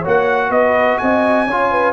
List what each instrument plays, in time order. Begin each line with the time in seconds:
0.00 trombone F#4, horn C#5
0.07 tuba A#3, trumpet F#5
0.50 tuba B3, horn B4, trumpet D#5
0.98 tuba C4, horn D#5, trumpet G#5
1.47 tuba C#4, trombone F4, horn C#5
1.71 horn B4